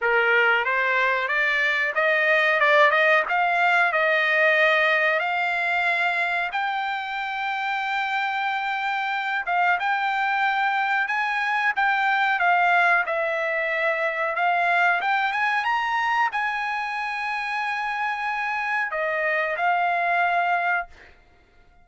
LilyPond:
\new Staff \with { instrumentName = "trumpet" } { \time 4/4 \tempo 4 = 92 ais'4 c''4 d''4 dis''4 | d''8 dis''8 f''4 dis''2 | f''2 g''2~ | g''2~ g''8 f''8 g''4~ |
g''4 gis''4 g''4 f''4 | e''2 f''4 g''8 gis''8 | ais''4 gis''2.~ | gis''4 dis''4 f''2 | }